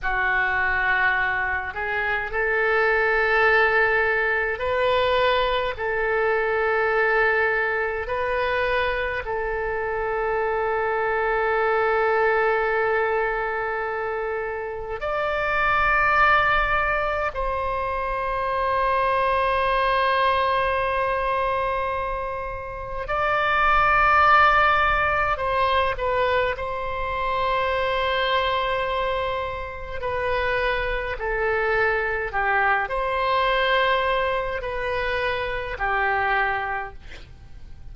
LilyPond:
\new Staff \with { instrumentName = "oboe" } { \time 4/4 \tempo 4 = 52 fis'4. gis'8 a'2 | b'4 a'2 b'4 | a'1~ | a'4 d''2 c''4~ |
c''1 | d''2 c''8 b'8 c''4~ | c''2 b'4 a'4 | g'8 c''4. b'4 g'4 | }